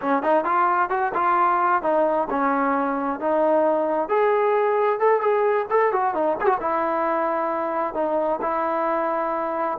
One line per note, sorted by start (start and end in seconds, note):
0.01 0.23 C#4
0.23 0.44 D#4
0.44 0.89 F4
0.89 1.12 F#4
1.14 1.82 F4
1.82 2.27 D#4
2.30 3.19 C#4
3.19 4.08 D#4
4.08 4.99 G#4
4.99 5.20 A4
5.20 5.66 G#4
5.70 5.92 A4
5.92 6.14 F#4
6.14 6.37 D#4
6.40 6.57 F#4
6.40 6.46 G#4
6.60 7.94 E4
7.94 8.39 D#4
8.41 9.78 E4